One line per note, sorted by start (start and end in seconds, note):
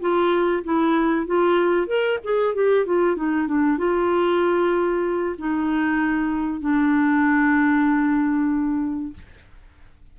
0.00 0.63 F4
0.64 1.26 E4
1.26 1.87 F4
1.87 2.18 A#4
2.24 2.55 G#4
2.55 2.86 G4
2.86 3.16 F4
3.16 3.47 D#4
3.47 3.78 D4
3.78 5.36 F4
5.38 6.61 D#4
6.61 9.13 D4